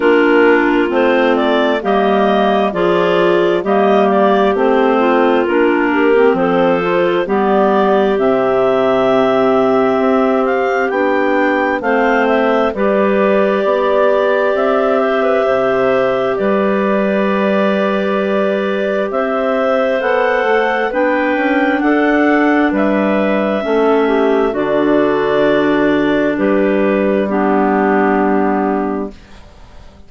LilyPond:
<<
  \new Staff \with { instrumentName = "clarinet" } { \time 4/4 \tempo 4 = 66 ais'4 c''8 d''8 dis''4 d''4 | dis''8 d''8 c''4 ais'4 c''4 | d''4 e''2~ e''8 f''8 | g''4 f''8 e''8 d''2 |
e''2 d''2~ | d''4 e''4 fis''4 g''4 | fis''4 e''2 d''4~ | d''4 b'4 g'2 | }
  \new Staff \with { instrumentName = "clarinet" } { \time 4/4 f'2 g'4 gis'4 | g'4. f'4 g'8 a'4 | g'1~ | g'4 c''4 b'4 d''4~ |
d''8 c''16 b'16 c''4 b'2~ | b'4 c''2 b'4 | a'4 b'4 a'8 g'8 fis'4~ | fis'4 g'4 d'2 | }
  \new Staff \with { instrumentName = "clarinet" } { \time 4/4 d'4 c'4 ais4 f'4 | ais4 c'4 d'8. c'8. f'8 | b4 c'2. | d'4 c'4 g'2~ |
g'1~ | g'2 a'4 d'4~ | d'2 cis'4 d'4~ | d'2 b2 | }
  \new Staff \with { instrumentName = "bassoon" } { \time 4/4 ais4 a4 g4 f4 | g4 a4 ais4 f4 | g4 c2 c'4 | b4 a4 g4 b4 |
c'4 c4 g2~ | g4 c'4 b8 a8 b8 cis'8 | d'4 g4 a4 d4~ | d4 g2. | }
>>